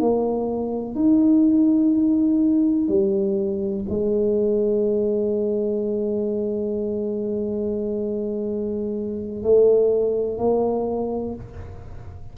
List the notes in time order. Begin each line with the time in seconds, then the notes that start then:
0.00 A#3
0.95 D#4
2.89 G3
3.90 G#3
9.44 A3
10.38 A#3